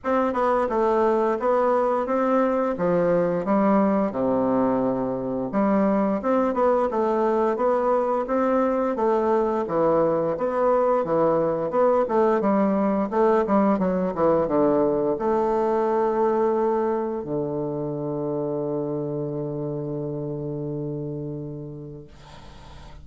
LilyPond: \new Staff \with { instrumentName = "bassoon" } { \time 4/4 \tempo 4 = 87 c'8 b8 a4 b4 c'4 | f4 g4 c2 | g4 c'8 b8 a4 b4 | c'4 a4 e4 b4 |
e4 b8 a8 g4 a8 g8 | fis8 e8 d4 a2~ | a4 d2.~ | d1 | }